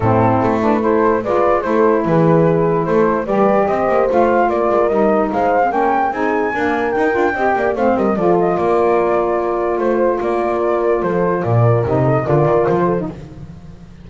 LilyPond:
<<
  \new Staff \with { instrumentName = "flute" } { \time 4/4 \tempo 4 = 147 a'4. b'8 c''4 d''4 | c''4 b'2 c''4 | d''4 dis''4 f''4 d''4 | dis''4 f''4 g''4 gis''4~ |
gis''4 g''2 f''8 dis''8 | d''8 dis''8 d''2. | c''4 d''2 c''4 | d''4 dis''4 d''4 c''4 | }
  \new Staff \with { instrumentName = "horn" } { \time 4/4 e'2 a'4 b'4 | a'4 gis'2 a'4 | b'4 c''2 ais'4~ | ais'4 c''4 ais'4 gis'4 |
ais'2 dis''8 d''8 c''8 ais'8 | a'4 ais'2. | c''4 ais'2 a'4 | ais'4. a'8 ais'4. a'8 | }
  \new Staff \with { instrumentName = "saxophone" } { \time 4/4 c'4. d'8 e'4 f'4 | e'1 | g'2 f'2 | dis'4.~ dis'16 c'16 cis'4 dis'4 |
ais4 dis'8 f'8 g'4 c'4 | f'1~ | f'1~ | f'4 dis'4 f'4.~ f'16 dis'16 | }
  \new Staff \with { instrumentName = "double bass" } { \time 4/4 a,4 a2 gis4 | a4 e2 a4 | g4 c'8 ais8 a4 ais8 gis8 | g4 gis4 ais4 c'4 |
d'4 dis'8 d'8 c'8 ais8 a8 g8 | f4 ais2. | a4 ais2 f4 | ais,4 c4 d8 dis8 f4 | }
>>